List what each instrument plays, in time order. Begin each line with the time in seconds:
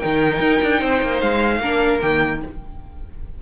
0.00 cello D#3, viola D#4, violin A#4 G5
0.40 cello D#4
0.63 cello D4
0.80 cello C4, violin C5
1.03 cello A#3
1.21 cello G#3, violin F5
1.60 cello A#3, viola D4, violin A#4
2.01 cello D#3, viola A#3, violin G5